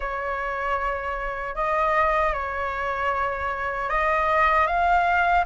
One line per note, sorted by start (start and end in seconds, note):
0.00 1.55 C#5
1.55 2.33 D#5
2.33 3.89 C#5
3.89 4.66 D#5
4.66 5.44 F5